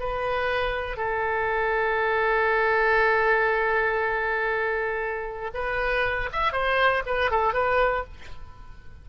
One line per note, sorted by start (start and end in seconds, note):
0.00 0.97 B4
0.97 5.51 A4
5.55 6.30 B4
6.33 6.53 E5
6.53 7.03 C5
7.06 7.31 B4
7.31 7.54 A4
7.54 8.04 B4